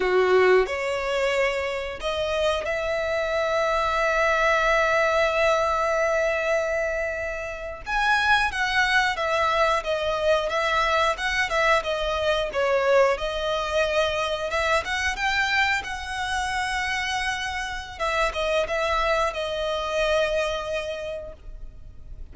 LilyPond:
\new Staff \with { instrumentName = "violin" } { \time 4/4 \tempo 4 = 90 fis'4 cis''2 dis''4 | e''1~ | e''2.~ e''8. gis''16~ | gis''8. fis''4 e''4 dis''4 e''16~ |
e''8. fis''8 e''8 dis''4 cis''4 dis''16~ | dis''4.~ dis''16 e''8 fis''8 g''4 fis''16~ | fis''2. e''8 dis''8 | e''4 dis''2. | }